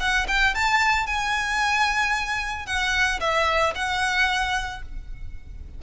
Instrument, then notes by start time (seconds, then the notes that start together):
violin
0.00 F#5
0.28 G5
0.55 A5
1.07 G#5
2.67 F#5
3.21 E5
3.75 F#5